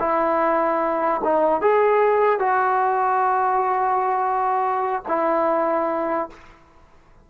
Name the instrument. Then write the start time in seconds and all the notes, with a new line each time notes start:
trombone
0.00 E4
1.24 D#4
1.62 G#4
2.40 F#4
5.08 E4